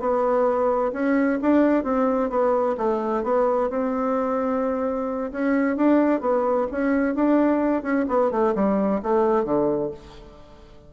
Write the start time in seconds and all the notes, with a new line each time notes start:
0.00 B3
0.93 C#4
1.42 D4
1.84 C4
2.30 B3
2.78 A3
3.24 B3
3.70 C4
5.32 C#4
5.77 D4
6.21 B3
6.72 C#4
7.15 D4
7.83 C#4
8.09 B3
8.32 A3
8.55 G3
9.03 A3
9.45 D3